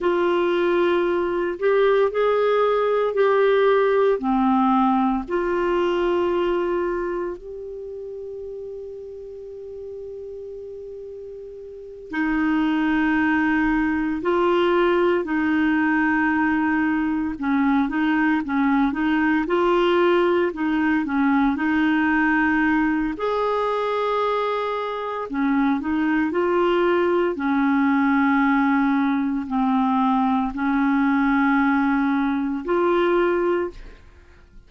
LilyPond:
\new Staff \with { instrumentName = "clarinet" } { \time 4/4 \tempo 4 = 57 f'4. g'8 gis'4 g'4 | c'4 f'2 g'4~ | g'2.~ g'8 dis'8~ | dis'4. f'4 dis'4.~ |
dis'8 cis'8 dis'8 cis'8 dis'8 f'4 dis'8 | cis'8 dis'4. gis'2 | cis'8 dis'8 f'4 cis'2 | c'4 cis'2 f'4 | }